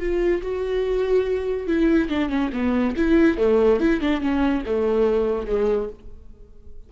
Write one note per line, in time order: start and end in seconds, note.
0.00 0.42 F4
0.42 1.68 F#4
1.68 2.10 E4
2.10 2.30 D4
2.30 2.51 C#4
2.53 2.96 B3
2.97 3.38 E4
3.38 3.80 A3
3.80 4.01 E4
4.01 4.21 D4
4.21 4.64 C#4
4.66 5.47 A3
5.47 5.89 G#3